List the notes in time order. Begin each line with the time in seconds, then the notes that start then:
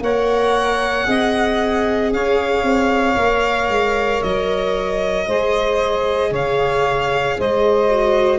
0.00 A#3 A#4 C#5 F#5
1.04 C4 G#4 D#5
2.12 C#4 C#5 F5
2.63 C4
3.16 A#3 A#4
3.69 G#3
4.23 F#3 D#5
5.27 G#3 G#4 C5
6.31 C#3 C#5 F5
7.39 G#3 C5 D#5
7.90 F#4